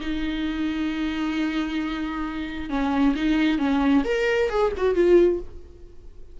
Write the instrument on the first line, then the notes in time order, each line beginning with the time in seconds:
viola
0.00 D#4
2.69 C#4
3.15 D#4
3.58 C#4
4.04 A#4
4.49 G#4
4.77 F#4
4.94 F4